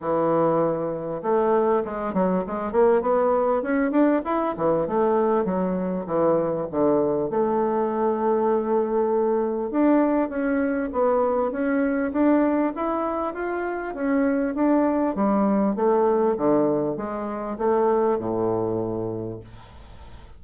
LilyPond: \new Staff \with { instrumentName = "bassoon" } { \time 4/4 \tempo 4 = 99 e2 a4 gis8 fis8 | gis8 ais8 b4 cis'8 d'8 e'8 e8 | a4 fis4 e4 d4 | a1 |
d'4 cis'4 b4 cis'4 | d'4 e'4 f'4 cis'4 | d'4 g4 a4 d4 | gis4 a4 a,2 | }